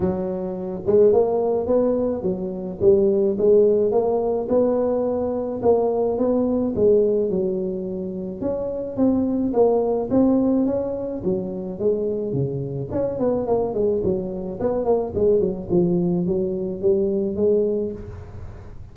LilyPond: \new Staff \with { instrumentName = "tuba" } { \time 4/4 \tempo 4 = 107 fis4. gis8 ais4 b4 | fis4 g4 gis4 ais4 | b2 ais4 b4 | gis4 fis2 cis'4 |
c'4 ais4 c'4 cis'4 | fis4 gis4 cis4 cis'8 b8 | ais8 gis8 fis4 b8 ais8 gis8 fis8 | f4 fis4 g4 gis4 | }